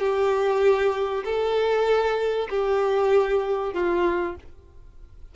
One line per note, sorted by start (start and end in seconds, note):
0.00 1.24 G4
1.25 2.49 A4
2.50 3.74 G4
3.74 4.36 F4